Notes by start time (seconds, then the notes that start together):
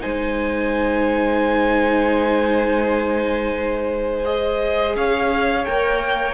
0.00 G#3 D#4 C5 G#5
4.24 G#4 D#5
4.95 C#4 C#5 F5
5.65 A#3 A#4 G5